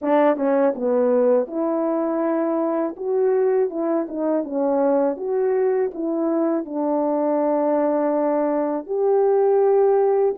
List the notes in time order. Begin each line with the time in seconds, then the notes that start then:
0.01 D4
0.36 C#4
0.75 B3
1.47 E4
2.96 F#4
3.69 E4
4.08 D#4
4.43 C#4
5.16 F#4
5.94 E4
6.65 D4
8.86 G4